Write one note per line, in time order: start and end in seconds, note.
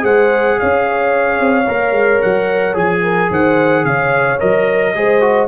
0.00 0.58 G#3
0.00 1.64 G#4
0.00 0.58 C5
0.00 0.59 F#5
0.59 1.40 C#4
0.59 3.03 C#5
0.59 2.22 F5
1.40 1.67 C4
1.68 1.92 A#3
1.68 2.74 A#4
1.92 2.19 G#3
2.22 2.75 F#3
2.22 2.76 F#5
2.74 3.30 F3
2.74 4.37 G#4
2.74 3.32 G#5
3.03 3.30 A#4
3.30 3.84 D#3
3.30 3.85 C5
3.30 3.85 F#5
3.84 4.39 C#3
3.84 4.96 C#5
3.84 4.39 F5
4.40 4.95 F#3
4.40 4.94 A#4
4.40 5.47 D#5
4.95 5.47 G#3
4.95 5.21 G#4
4.95 5.47 C5
5.21 5.47 F#4